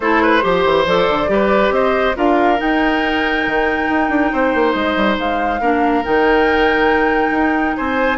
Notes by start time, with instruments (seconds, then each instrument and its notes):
0.00 bassoon A3, clarinet E4, oboe A4, flute C5
0.22 oboe B4
0.41 bassoon F3, clarinet G4, oboe C5
0.64 bassoon E3
0.86 bassoon F3, clarinet A4, flute D5
1.08 bassoon D3
1.28 bassoon G3, clarinet G4, oboe B4
1.70 bassoon C4, oboe C5, flute D#5
2.15 bassoon D4, clarinet F4, oboe A#4, flute F5
2.57 clarinet D#4, bassoon D#4, flute G5
3.46 bassoon D#3
3.89 bassoon D#4
4.09 bassoon D4
4.32 bassoon C4, oboe C5
4.54 bassoon A#3
4.72 bassoon G#3, flute D#5
4.96 bassoon G3
5.18 bassoon G#3, flute F5
5.60 bassoon A#3, clarinet D4, oboe A#4
6.04 bassoon D#3, clarinet D#4, flute G5
7.30 bassoon D#4
7.76 bassoon C4, oboe C5, flute G#5